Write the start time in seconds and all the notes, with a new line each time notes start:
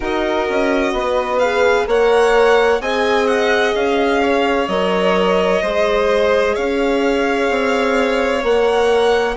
0.00 D#4 F#4 A#4 D#5
0.49 C#4
0.92 B3 B4
1.38 G#4 F5
1.87 A#3 A#4 C#5 F#5
2.80 C4 G#4 D#5 G#5
3.27 F#5
3.74 C#4 F5
4.21 C#5
4.68 F#3 A#4 D#5
5.62 G#3 G#4 C5
6.54 C#4 C#5 F5
7.50 C4
8.43 A#3 A#4 F#5